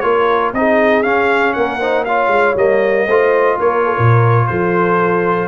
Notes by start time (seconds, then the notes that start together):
0.00 A#3 F4 A#4 C#5
0.53 C4 D#4 G#4 D#5
1.03 C#4 F5
1.53 A#3 A#4 F#5
1.80 D#4 C5
2.05 F4 C#5 F5
2.28 G#3
2.55 G3 A#3 D#5
3.06 A3 F4 C5
3.59 A#3 A#4 C#5
3.85 A4
3.95 A#2 A#4
4.47 F3 A4 C5